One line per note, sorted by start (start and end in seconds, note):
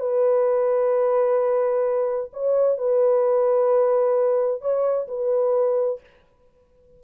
0.00 2.31 B4
2.33 2.78 C#5
2.78 4.62 B4
4.62 5.08 C#5
5.08 6.00 B4